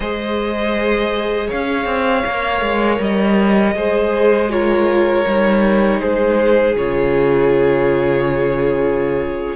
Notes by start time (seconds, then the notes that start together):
0.00 G#3 G#4 C5 D#5
1.47 C#4 C#5 F5
1.85 C4
2.26 A#3 A#4
2.61 G#3
2.99 G3 D#5
3.74 G#3 G#4 C5
4.49 F4 A#4 C#5
5.26 G3 D#4
6.00 G#3 G#4 C5
6.75 C#3 F4 C#5